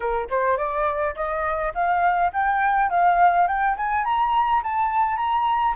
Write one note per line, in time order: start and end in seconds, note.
0.00 0.28 A#4
0.30 0.57 C5
0.57 1.15 D5
1.15 1.73 D#5
1.74 2.32 F5
2.33 2.90 G5
2.90 3.47 F5
3.47 3.76 G5
3.76 4.04 G#5
4.04 4.62 A#5
4.63 5.16 A5
5.16 5.74 A#5